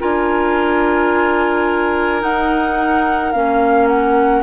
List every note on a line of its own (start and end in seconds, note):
0.00 2.23 D4
0.00 2.21 F4
0.00 4.44 A#4
0.00 2.23 G#5
2.21 3.32 D#4
2.21 3.33 D#4
2.21 3.32 F#5
3.32 4.44 A#3
3.32 4.44 C#4
3.32 3.87 F5
3.88 4.44 F#5